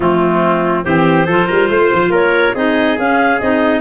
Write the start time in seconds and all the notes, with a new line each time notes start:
0.00 F3 A3 C4 F4
0.83 E3 C4 G4 C5
1.26 F3 F4 A4
1.46 G3 A#4
1.69 A3 C5
1.93 F3
2.09 A#3 A#4 C#5
2.54 C4 D#4 G#4 D#5
2.98 C#4 F5
3.39 C4 D#4 D#5